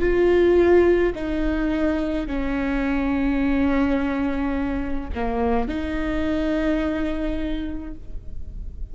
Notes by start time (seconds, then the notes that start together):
0.00 F4
1.15 D#4
2.27 C#4
5.15 A#3
5.68 D#4